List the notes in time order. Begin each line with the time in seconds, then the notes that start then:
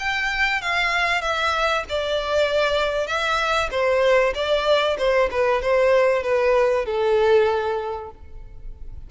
0.00 G5
0.62 F5
1.22 E5
1.89 D5
3.07 E5
3.72 C5
4.35 D5
4.99 C5
5.32 B4
5.62 C5
6.24 B4
6.86 A4